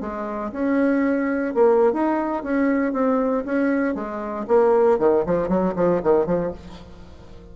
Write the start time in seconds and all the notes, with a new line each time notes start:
0.00 G#3
0.52 C#4
1.54 A#3
1.93 D#4
2.43 C#4
2.93 C4
3.45 C#4
3.95 G#3
4.47 A#3
4.98 D#3
5.26 F3
5.48 F#3
5.75 F3
6.03 D#3
6.26 F3